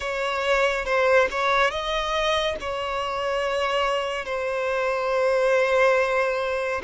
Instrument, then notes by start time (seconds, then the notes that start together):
violin
0.00 C#5
0.85 C5
1.31 C#5
1.70 D#5
2.60 C#5
4.25 C5